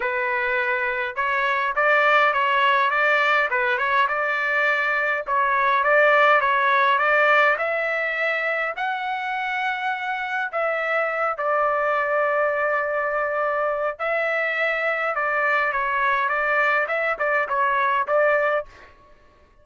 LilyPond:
\new Staff \with { instrumentName = "trumpet" } { \time 4/4 \tempo 4 = 103 b'2 cis''4 d''4 | cis''4 d''4 b'8 cis''8 d''4~ | d''4 cis''4 d''4 cis''4 | d''4 e''2 fis''4~ |
fis''2 e''4. d''8~ | d''1 | e''2 d''4 cis''4 | d''4 e''8 d''8 cis''4 d''4 | }